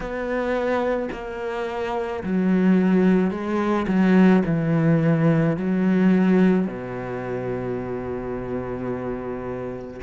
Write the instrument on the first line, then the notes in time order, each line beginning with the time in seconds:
cello
0.00 B3
1.12 A#3
2.23 F#3
3.30 G#3
3.87 F#3
4.45 E3
5.57 F#3
6.67 B2